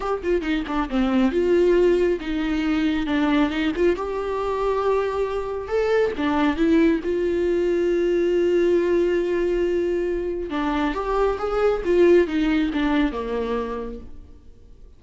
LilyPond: \new Staff \with { instrumentName = "viola" } { \time 4/4 \tempo 4 = 137 g'8 f'8 dis'8 d'8 c'4 f'4~ | f'4 dis'2 d'4 | dis'8 f'8 g'2.~ | g'4 a'4 d'4 e'4 |
f'1~ | f'1 | d'4 g'4 gis'4 f'4 | dis'4 d'4 ais2 | }